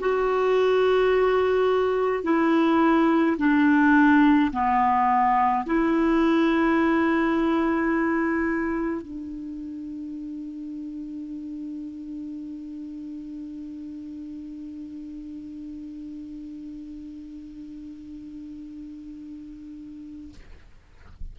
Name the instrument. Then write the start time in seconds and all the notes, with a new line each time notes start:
clarinet
0.00 F#4
2.24 E4
3.38 D4
4.52 B3
5.66 E4
9.02 D4